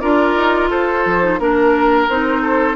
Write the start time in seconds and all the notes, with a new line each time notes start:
0.00 D4 F4 A#4 D5
0.37 D#4
0.70 F4 A4 C5
1.06 F3
1.22 D#4
1.40 A#3 D4 A#4
2.10 C4 D#4 C5
2.42 A4